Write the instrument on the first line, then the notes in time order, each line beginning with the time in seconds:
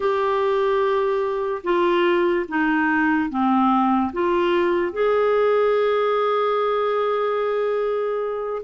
clarinet
0.00 G4
1.63 F4
2.48 D#4
3.29 C4
4.12 F4
4.92 G#4